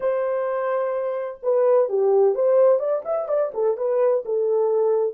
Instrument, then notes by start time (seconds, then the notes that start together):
horn
0.00 C5
1.43 B4
1.88 G4
2.34 C5
2.79 D5
3.04 E5
3.28 D5
3.53 A4
3.77 B4
4.25 A4